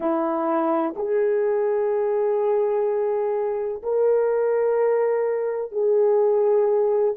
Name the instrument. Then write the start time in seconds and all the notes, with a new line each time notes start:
horn
0.00 E4
0.96 G#4
3.82 A#4
5.71 G#4